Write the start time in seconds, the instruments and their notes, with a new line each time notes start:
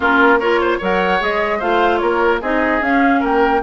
0.00 bassoon A#3, clarinet C#4, oboe F4, flute A#4
0.39 clarinet F4, oboe A#4, flute C#5
0.61 oboe C5
0.78 bassoon F#3, clarinet A#4, oboe C#5, flute F#5
1.20 bassoon G#3, clarinet G#4, flute D#5
1.58 bassoon A3, clarinet F4, oboe C5, flute F5
1.98 bassoon A#3, oboe A#4, flute C#5
2.41 bassoon C4, clarinet D#4, oboe G#4, flute D#5
2.80 bassoon C#4, clarinet C#4, flute F5
3.20 bassoon A#3, oboe A#4, flute G5